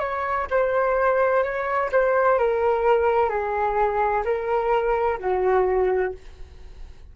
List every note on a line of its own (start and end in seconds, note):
0.00 0.47 C#5
0.51 1.44 C5
1.44 1.90 C#5
1.93 2.39 C5
2.39 3.30 A#4
3.30 4.24 G#4
4.25 5.19 A#4
5.19 6.13 F#4